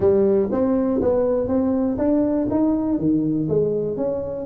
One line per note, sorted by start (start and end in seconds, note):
0.00 0.48 G3
0.51 1.01 C4
1.01 1.47 B3
1.47 1.97 C4
1.97 2.47 D4
2.50 2.98 D#4
2.98 3.48 D#3
3.48 3.96 G#3
3.96 4.46 C#4